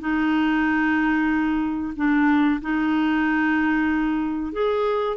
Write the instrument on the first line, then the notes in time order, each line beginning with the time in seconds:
clarinet
0.00 D#4
1.96 D4
2.61 D#4
4.52 G#4